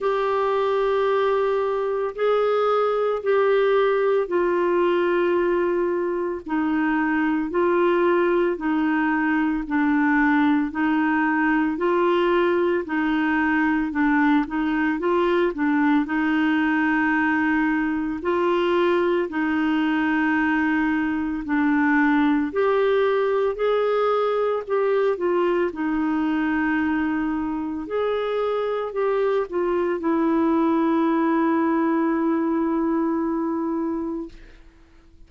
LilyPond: \new Staff \with { instrumentName = "clarinet" } { \time 4/4 \tempo 4 = 56 g'2 gis'4 g'4 | f'2 dis'4 f'4 | dis'4 d'4 dis'4 f'4 | dis'4 d'8 dis'8 f'8 d'8 dis'4~ |
dis'4 f'4 dis'2 | d'4 g'4 gis'4 g'8 f'8 | dis'2 gis'4 g'8 f'8 | e'1 | }